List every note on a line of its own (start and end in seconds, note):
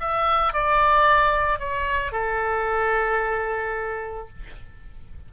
0.00 0.53 E5
0.53 1.59 D5
1.59 2.12 C#5
2.12 4.29 A4